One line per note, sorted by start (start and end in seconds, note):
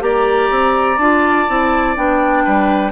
0.00 0.50 A#3
0.00 0.97 G4
0.00 2.45 D5
0.00 0.99 A#5
0.50 0.98 C4
0.98 1.47 D4
0.98 1.49 F4
0.98 1.95 A5
1.49 1.97 C4
1.49 1.96 E4
1.96 2.46 B3
1.96 2.92 D4
1.96 2.92 G5
2.45 2.92 G3
2.45 2.92 B4